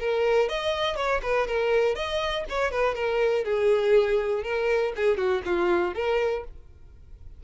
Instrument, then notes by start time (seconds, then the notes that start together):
violin
0.00 A#4
0.49 D#5
0.96 C#5
1.23 B4
1.48 A#4
1.96 D#5
2.50 C#5
2.72 B4
2.95 A#4
3.45 G#4
4.44 A#4
4.96 G#4
5.18 F#4
5.46 F4
5.95 A#4